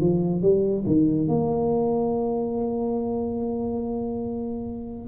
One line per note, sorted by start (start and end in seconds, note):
0.00 0.41 F3
0.41 0.84 G3
0.86 1.28 D#3
1.28 5.08 A#3